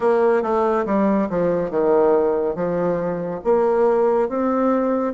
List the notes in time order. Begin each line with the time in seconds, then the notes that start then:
0.00 A#3
0.42 A3
0.85 G3
1.29 F3
1.70 D#3
2.55 F3
3.44 A#3
4.29 C4